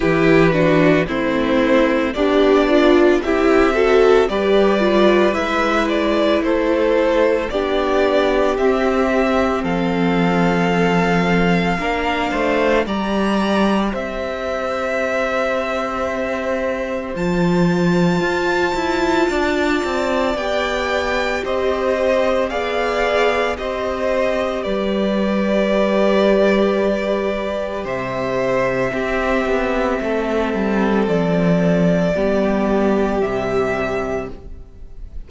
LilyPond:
<<
  \new Staff \with { instrumentName = "violin" } { \time 4/4 \tempo 4 = 56 b'4 c''4 d''4 e''4 | d''4 e''8 d''8 c''4 d''4 | e''4 f''2. | ais''4 e''2. |
a''2. g''4 | dis''4 f''4 dis''4 d''4~ | d''2 e''2~ | e''4 d''2 e''4 | }
  \new Staff \with { instrumentName = "violin" } { \time 4/4 g'8 fis'8 e'4 d'4 g'8 a'8 | b'2 a'4 g'4~ | g'4 a'2 ais'8 c''8 | d''4 c''2.~ |
c''2 d''2 | c''4 d''4 c''4 b'4~ | b'2 c''4 g'4 | a'2 g'2 | }
  \new Staff \with { instrumentName = "viola" } { \time 4/4 e'8 d'8 c'4 g'8 f'8 e'8 fis'8 | g'8 f'8 e'2 d'4 | c'2. d'4 | g'1 |
f'2. g'4~ | g'4 gis'4 g'2~ | g'2. c'4~ | c'2 b4 g4 | }
  \new Staff \with { instrumentName = "cello" } { \time 4/4 e4 a4 b4 c'4 | g4 gis4 a4 b4 | c'4 f2 ais8 a8 | g4 c'2. |
f4 f'8 e'8 d'8 c'8 b4 | c'4 b4 c'4 g4~ | g2 c4 c'8 b8 | a8 g8 f4 g4 c4 | }
>>